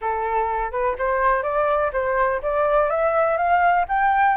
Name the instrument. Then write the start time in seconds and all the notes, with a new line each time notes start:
flute
0.01 A4
0.71 B4
0.98 C5
1.42 D5
1.92 C5
2.42 D5
2.89 E5
3.37 F5
3.88 G5